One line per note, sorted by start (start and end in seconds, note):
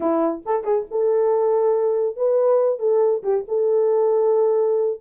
0.00 0.43 E4
0.45 0.64 A4
0.64 0.85 G#4
0.90 2.16 A4
2.16 2.79 B4
2.79 3.23 A4
3.23 3.44 G4
3.48 5.00 A4